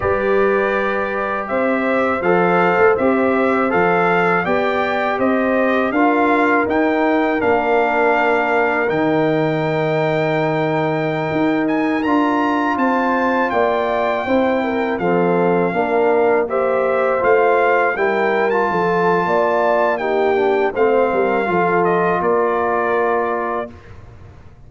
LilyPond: <<
  \new Staff \with { instrumentName = "trumpet" } { \time 4/4 \tempo 4 = 81 d''2 e''4 f''4 | e''4 f''4 g''4 dis''4 | f''4 g''4 f''2 | g''2.~ g''8. gis''16~ |
gis''16 ais''4 a''4 g''4.~ g''16~ | g''16 f''2 e''4 f''8.~ | f''16 g''8. a''2 g''4 | f''4. dis''8 d''2 | }
  \new Staff \with { instrumentName = "horn" } { \time 4/4 b'2 c''2~ | c''2 d''4 c''4 | ais'1~ | ais'1~ |
ais'4~ ais'16 c''4 d''4 c''8 ais'16~ | ais'16 a'4 ais'4 c''4.~ c''16~ | c''16 ais'4 a'8. d''4 g'4 | c''8 ais'8 a'4 ais'2 | }
  \new Staff \with { instrumentName = "trombone" } { \time 4/4 g'2. a'4 | g'4 a'4 g'2 | f'4 dis'4 d'2 | dis'1~ |
dis'16 f'2. e'8.~ | e'16 c'4 d'4 g'4 f'8.~ | f'16 e'8. f'2 dis'8 d'8 | c'4 f'2. | }
  \new Staff \with { instrumentName = "tuba" } { \time 4/4 g2 c'4 f8. a16 | c'4 f4 b4 c'4 | d'4 dis'4 ais2 | dis2.~ dis16 dis'8.~ |
dis'16 d'4 c'4 ais4 c'8.~ | c'16 f4 ais2 a8.~ | a16 g4 f8. ais2 | a8 g8 f4 ais2 | }
>>